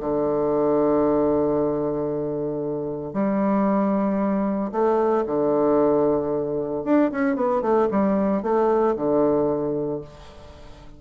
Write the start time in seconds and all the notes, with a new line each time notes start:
0.00 D3
3.13 G3
4.72 A3
5.26 D3
6.84 D4
7.11 C#4
7.35 B3
7.61 A3
7.91 G3
8.42 A3
8.95 D3